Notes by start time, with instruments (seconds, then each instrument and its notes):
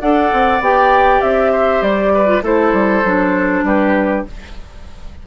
0.00 bassoon D4, clarinet A4, oboe D5, flute F#5
0.32 bassoon C4
0.60 bassoon B3, clarinet G4, flute G5
1.21 bassoon C4, flute E5
1.52 oboe C5
1.81 bassoon G3, flute D5
2.14 oboe B4
2.26 clarinet F4
2.42 bassoon A3, clarinet E4, oboe A4, flute C5
2.72 bassoon G3
3.04 bassoon F#3, clarinet D4
3.63 bassoon G3, oboe G4, flute B4